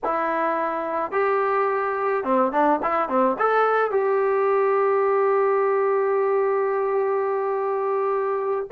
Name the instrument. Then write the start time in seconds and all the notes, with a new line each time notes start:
trombone
0.04 E4
1.11 G4
2.24 C4
2.52 D4
2.82 E4
3.08 C4
3.38 A4
3.91 G4